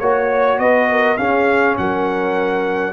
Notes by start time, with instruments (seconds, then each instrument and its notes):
0.00 tuba A#3, trombone F#4, trumpet C#5, horn C#5
0.59 tuba B3, horn B4, trumpet D#5
0.91 horn A#4
1.17 trombone C#4, tuba C#4, horn G#4, trumpet F5
1.78 tuba F#3, horn A#4, trumpet F#5